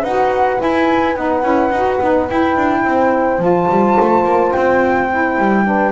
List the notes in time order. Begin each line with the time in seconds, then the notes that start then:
0.00 D#4 F#4 B4 F#5
0.57 E4 G#5
1.16 B3 D#4 F#5
1.43 C#4 E4
1.71 D#4 F#4
2.01 B3 D#4
2.29 E4 G5
2.56 D4
2.83 C4 C5
3.38 F3 F4 A5
3.70 G3
4.00 A3
4.24 A#3
4.52 C4 G5
5.10 E4
5.37 G3
5.64 D4 B4